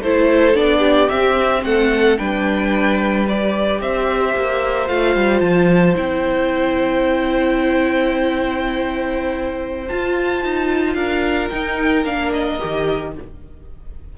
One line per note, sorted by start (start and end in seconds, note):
0.00 0.54 A3
0.00 0.54 E4
0.00 0.79 A4
0.00 0.56 C5
0.54 1.08 B3
0.54 1.08 D4
0.54 1.09 D5
0.79 1.60 G4
1.09 2.17 C4
1.09 1.63 C4
1.09 1.63 E5
1.63 2.17 A3
1.63 2.19 A4
1.63 2.18 F#5
2.18 3.80 G3
2.18 3.27 D4
2.18 3.81 B4
2.18 3.26 G5
3.28 4.87 G4
3.28 3.81 D5
3.80 4.34 C4
3.80 10.95 C5
3.80 4.88 E5
4.36 4.89 A#3
4.87 5.15 A3
4.87 5.95 F4
4.87 5.40 F5
5.15 5.41 G3
5.40 5.95 F3
5.40 5.94 A5
5.95 9.89 C4
5.95 9.87 E4
5.95 9.88 G5
9.88 11.51 F4
9.88 10.43 F4
9.88 10.94 A5
10.43 10.95 D#4
10.94 11.49 D4
10.94 13.12 A#4
10.94 11.48 F5
11.50 12.05 D#4
11.50 12.04 D#4
11.50 12.04 G5
12.04 12.58 A#3
12.04 12.59 D4
12.04 12.32 F5
12.33 13.14 D#5
12.59 13.18 D#3
12.59 13.13 G4